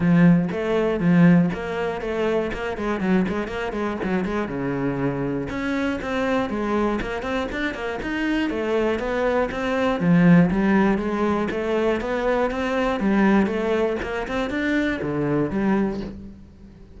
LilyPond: \new Staff \with { instrumentName = "cello" } { \time 4/4 \tempo 4 = 120 f4 a4 f4 ais4 | a4 ais8 gis8 fis8 gis8 ais8 gis8 | fis8 gis8 cis2 cis'4 | c'4 gis4 ais8 c'8 d'8 ais8 |
dis'4 a4 b4 c'4 | f4 g4 gis4 a4 | b4 c'4 g4 a4 | ais8 c'8 d'4 d4 g4 | }